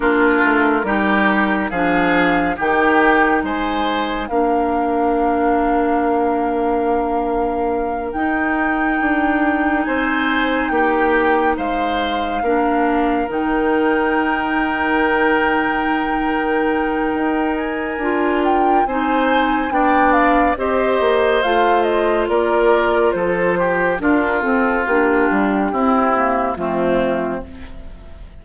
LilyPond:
<<
  \new Staff \with { instrumentName = "flute" } { \time 4/4 \tempo 4 = 70 ais'2 f''4 g''4 | gis''4 f''2.~ | f''4. g''2 gis''8~ | gis''8 g''4 f''2 g''8~ |
g''1~ | g''8 gis''4 g''8 gis''4 g''8 f''8 | dis''4 f''8 dis''8 d''4 c''4 | ais'8 a'8 g'2 f'4 | }
  \new Staff \with { instrumentName = "oboe" } { \time 4/4 f'4 g'4 gis'4 g'4 | c''4 ais'2.~ | ais'2.~ ais'8 c''8~ | c''8 g'4 c''4 ais'4.~ |
ais'1~ | ais'2 c''4 d''4 | c''2 ais'4 a'8 g'8 | f'2 e'4 c'4 | }
  \new Staff \with { instrumentName = "clarinet" } { \time 4/4 d'4 dis'4 d'4 dis'4~ | dis'4 d'2.~ | d'4. dis'2~ dis'8~ | dis'2~ dis'8 d'4 dis'8~ |
dis'1~ | dis'4 f'4 dis'4 d'4 | g'4 f'2. | d'8 c'8 d'4 c'8 ais8 a4 | }
  \new Staff \with { instrumentName = "bassoon" } { \time 4/4 ais8 a8 g4 f4 dis4 | gis4 ais2.~ | ais4. dis'4 d'4 c'8~ | c'8 ais4 gis4 ais4 dis8~ |
dis1 | dis'4 d'4 c'4 b4 | c'8 ais8 a4 ais4 f4 | d'8 c'8 ais8 g8 c'4 f4 | }
>>